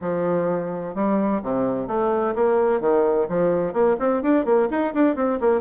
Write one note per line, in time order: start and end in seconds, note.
0.01 0.94 F3
0.94 1.41 G3
1.42 1.87 C3
1.87 2.34 A3
2.35 2.80 A#3
2.80 3.27 D#3
3.28 3.73 F3
3.73 3.96 A#3
3.99 4.22 C4
4.22 4.45 D4
4.45 4.68 A#3
4.70 4.93 D#4
4.94 5.15 D4
5.15 5.39 C4
5.40 5.60 A#3